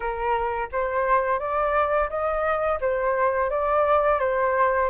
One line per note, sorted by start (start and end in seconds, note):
0.00 0.68 A#4
0.72 1.39 C5
1.39 2.09 D5
2.09 2.79 D#5
2.80 3.49 C5
3.49 4.19 D5
4.19 4.89 C5